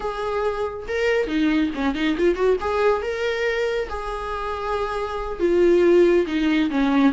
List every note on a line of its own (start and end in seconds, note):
0.00 0.86 G#4
0.88 1.27 A#4
1.27 1.70 D#4
1.75 1.94 C#4
1.94 2.16 D#4
2.17 2.35 F4
2.35 2.56 F#4
2.60 3.02 G#4
3.02 3.88 A#4
3.89 5.39 G#4
5.39 6.26 F4
6.26 6.70 D#4
6.70 7.12 C#4